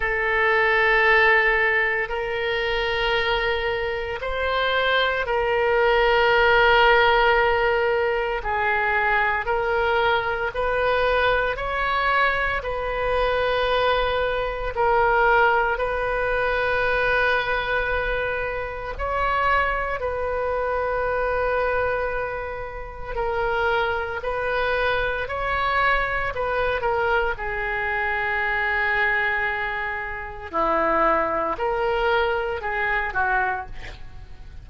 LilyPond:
\new Staff \with { instrumentName = "oboe" } { \time 4/4 \tempo 4 = 57 a'2 ais'2 | c''4 ais'2. | gis'4 ais'4 b'4 cis''4 | b'2 ais'4 b'4~ |
b'2 cis''4 b'4~ | b'2 ais'4 b'4 | cis''4 b'8 ais'8 gis'2~ | gis'4 e'4 ais'4 gis'8 fis'8 | }